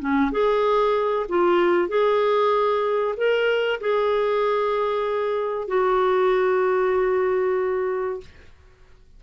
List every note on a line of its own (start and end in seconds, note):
0.00 0.32 C#4
0.32 1.27 G#4
1.29 1.89 F4
1.89 3.15 G#4
3.17 3.80 A#4
3.80 5.68 G#4
5.68 8.20 F#4